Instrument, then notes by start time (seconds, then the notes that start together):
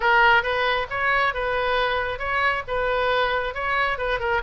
oboe
0.00 A#4
0.42 B4
0.90 C#5
1.34 B4
2.18 C#5
2.67 B4
3.54 C#5
3.97 B4
4.19 A#4